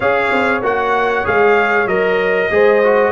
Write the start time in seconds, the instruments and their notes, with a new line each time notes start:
0.00 tuba C#4, trombone G#4, horn C#5, trumpet F5
0.31 tuba C4
0.62 tuba A#3, trombone F#4, trumpet F#5
1.24 tuba G#3, trombone G#4, trumpet F5
1.86 tuba F#3, trombone A#4, trumpet D#5
2.50 tuba G#3, trombone G#4, horn C5
2.83 trombone F#4